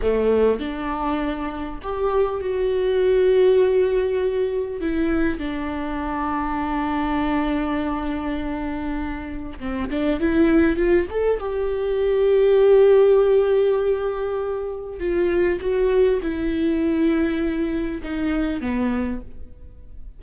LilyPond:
\new Staff \with { instrumentName = "viola" } { \time 4/4 \tempo 4 = 100 a4 d'2 g'4 | fis'1 | e'4 d'2.~ | d'1 |
c'8 d'8 e'4 f'8 a'8 g'4~ | g'1~ | g'4 f'4 fis'4 e'4~ | e'2 dis'4 b4 | }